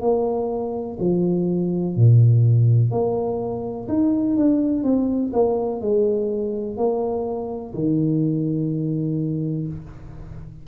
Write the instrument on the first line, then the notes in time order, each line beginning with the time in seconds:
tuba
0.00 A#3
0.99 F3
1.96 A#2
2.90 A#3
3.88 D#4
4.36 D4
4.83 C4
5.33 A#3
5.81 G#3
6.77 A#3
7.74 D#3